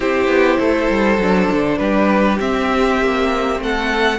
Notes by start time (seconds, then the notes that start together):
0.00 C4 E4 G4 C5
0.27 B3
0.59 A3 A4
0.89 G3
1.18 F#3 D4
1.51 D3
1.78 G3 G4 B4
2.39 C4 E5
3.01 A#3
3.59 A3 A4 F#5